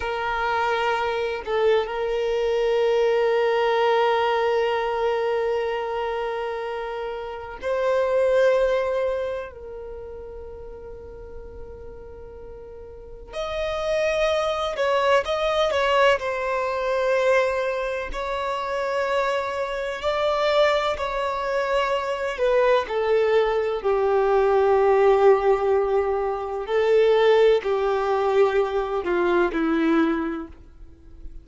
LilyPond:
\new Staff \with { instrumentName = "violin" } { \time 4/4 \tempo 4 = 63 ais'4. a'8 ais'2~ | ais'1 | c''2 ais'2~ | ais'2 dis''4. cis''8 |
dis''8 cis''8 c''2 cis''4~ | cis''4 d''4 cis''4. b'8 | a'4 g'2. | a'4 g'4. f'8 e'4 | }